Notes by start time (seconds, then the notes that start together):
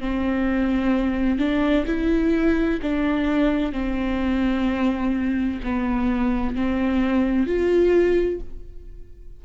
0.00 C4
1.39 D4
1.87 E4
2.83 D4
3.72 C4
5.64 B3
6.56 C4
7.47 F4